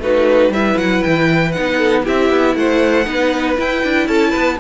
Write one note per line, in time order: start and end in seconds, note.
0.00 0.49 A3
0.00 0.53 D#4
0.00 0.53 F#4
0.00 0.54 B4
0.49 0.75 G3
0.49 1.55 E4
0.49 1.77 B4
0.49 0.78 E5
0.77 1.03 F#3
0.77 1.03 F#5
1.03 1.58 E3
1.03 1.52 G5
1.52 2.04 D#4
1.52 2.03 F#5
1.58 2.08 B3
1.77 2.03 A4
2.04 2.30 C4
2.04 3.05 E4
2.04 2.55 G4
2.04 2.56 E5
2.30 2.56 B3
2.56 3.07 A3
2.56 3.06 C5
2.56 3.57 F#5
3.05 3.58 B3
3.05 3.56 D#4
3.05 4.08 B4
3.56 4.58 E4
3.56 3.84 E4
3.56 4.08 G5
3.84 4.08 D4
4.08 4.34 C#4
4.08 4.30 A4
4.08 4.59 A5
4.30 4.60 B3
4.30 4.56 B4